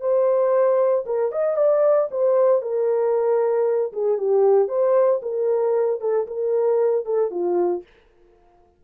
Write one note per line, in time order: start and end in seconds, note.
0.00 1.04 C5
1.06 1.31 A#4
1.31 1.57 D#5
1.57 2.09 D5
2.11 2.61 C5
2.61 3.92 A#4
3.92 4.17 G#4
4.17 4.68 G4
4.68 5.20 C5
5.22 6.00 A#4
6.00 6.26 A4
6.27 7.05 A#4
7.05 7.30 A4
7.30 7.83 F4